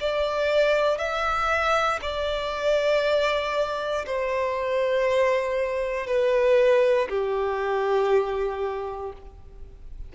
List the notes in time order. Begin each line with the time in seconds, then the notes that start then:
0.00 D5
0.98 E5
2.02 D5
4.06 C5
6.06 B4
7.09 G4